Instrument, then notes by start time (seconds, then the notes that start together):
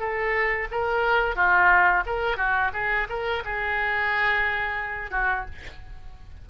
oboe
0.00 A4
0.72 A#4
1.36 F4
2.06 A#4
2.37 F#4
2.74 G#4
3.10 A#4
3.45 G#4
5.11 F#4